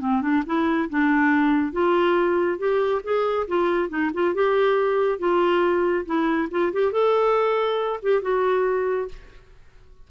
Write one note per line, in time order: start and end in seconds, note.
0.00 0.21 C4
0.21 0.43 D4
0.46 0.89 E4
0.89 1.72 D4
1.72 2.58 F4
2.58 3.02 G4
3.04 3.47 G#4
3.47 3.89 F4
3.89 4.11 D#4
4.14 4.34 F4
4.34 5.19 G4
5.19 6.05 F4
6.05 6.49 E4
6.51 6.72 F4
6.73 6.92 G4
6.92 8.00 A4
8.02 8.22 G4
8.22 9.08 F#4